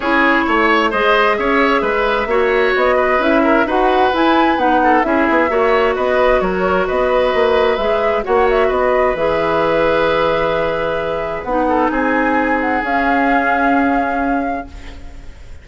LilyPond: <<
  \new Staff \with { instrumentName = "flute" } { \time 4/4 \tempo 4 = 131 cis''2 dis''4 e''4~ | e''2 dis''4 e''4 | fis''4 gis''4 fis''4 e''4~ | e''4 dis''4 cis''4 dis''4~ |
dis''4 e''4 fis''8 e''8 dis''4 | e''1~ | e''4 fis''4 gis''4. fis''8 | f''1 | }
  \new Staff \with { instrumentName = "oboe" } { \time 4/4 gis'4 cis''4 c''4 cis''4 | b'4 cis''4. b'4 ais'8 | b'2~ b'8 a'8 gis'4 | cis''4 b'4 ais'4 b'4~ |
b'2 cis''4 b'4~ | b'1~ | b'4. a'8 gis'2~ | gis'1 | }
  \new Staff \with { instrumentName = "clarinet" } { \time 4/4 e'2 gis'2~ | gis'4 fis'2 e'4 | fis'4 e'4 dis'4 e'4 | fis'1~ |
fis'4 gis'4 fis'2 | gis'1~ | gis'4 dis'2. | cis'1 | }
  \new Staff \with { instrumentName = "bassoon" } { \time 4/4 cis'4 a4 gis4 cis'4 | gis4 ais4 b4 cis'4 | dis'4 e'4 b4 cis'8 b8 | ais4 b4 fis4 b4 |
ais4 gis4 ais4 b4 | e1~ | e4 b4 c'2 | cis'1 | }
>>